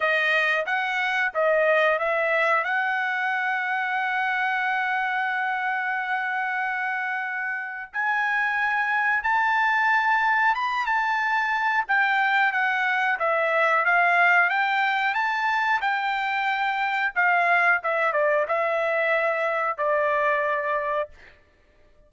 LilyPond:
\new Staff \with { instrumentName = "trumpet" } { \time 4/4 \tempo 4 = 91 dis''4 fis''4 dis''4 e''4 | fis''1~ | fis''1 | gis''2 a''2 |
b''8 a''4. g''4 fis''4 | e''4 f''4 g''4 a''4 | g''2 f''4 e''8 d''8 | e''2 d''2 | }